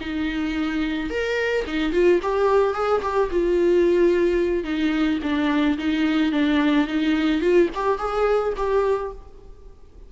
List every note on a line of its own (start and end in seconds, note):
0.00 1.09 D#4
1.09 1.64 A#4
1.66 1.92 D#4
1.92 2.19 F4
2.22 2.73 G4
2.73 3.01 G#4
3.02 3.30 G4
3.31 4.64 F4
4.64 5.19 D#4
5.22 5.77 D4
5.78 6.32 D#4
6.32 6.87 D4
6.87 7.41 D#4
7.41 7.68 F4
7.74 7.98 G4
7.98 8.53 G#4
8.56 9.12 G4